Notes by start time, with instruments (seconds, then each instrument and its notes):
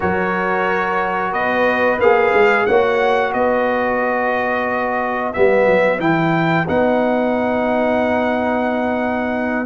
0.00 tuba F#3, trombone F#4, horn A#4, trumpet C#5
1.31 tuba B3, horn B4, trumpet D#5
1.99 tuba A#3, trombone G#4, trumpet F5
2.33 tuba G#3
2.66 tuba A#3, trombone F#4, horn C#5, trumpet F#5
3.33 tuba B3, horn B4, trumpet D#5
5.33 tuba G3, trombone B3, trumpet E5
5.66 tuba F#3
5.99 tuba E3, trombone E4, trumpet G5
6.67 tuba B3, trombone D#4, trumpet F#5